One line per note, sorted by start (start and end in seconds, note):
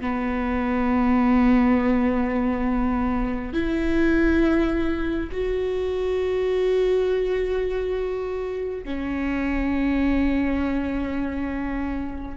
0.00 3.53 B3
3.53 5.29 E4
5.31 8.84 F#4
8.84 12.37 C#4